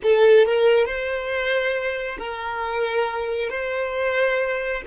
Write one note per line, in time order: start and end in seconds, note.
0.02 0.45 A4
0.45 0.85 A#4
0.85 2.17 C5
2.18 3.49 A#4
3.49 4.82 C5